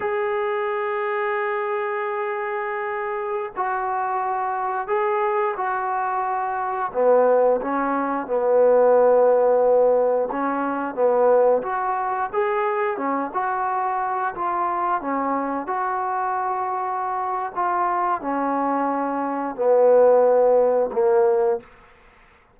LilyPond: \new Staff \with { instrumentName = "trombone" } { \time 4/4 \tempo 4 = 89 gis'1~ | gis'4~ gis'16 fis'2 gis'8.~ | gis'16 fis'2 b4 cis'8.~ | cis'16 b2. cis'8.~ |
cis'16 b4 fis'4 gis'4 cis'8 fis'16~ | fis'4~ fis'16 f'4 cis'4 fis'8.~ | fis'2 f'4 cis'4~ | cis'4 b2 ais4 | }